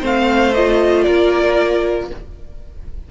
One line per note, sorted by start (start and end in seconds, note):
0.00 1.06 A3
0.00 0.52 C4
0.00 1.03 C5
0.00 0.54 F5
0.54 2.11 F4
0.54 1.03 D#5
1.03 2.10 A#3
1.03 2.09 A#4
1.03 2.06 D5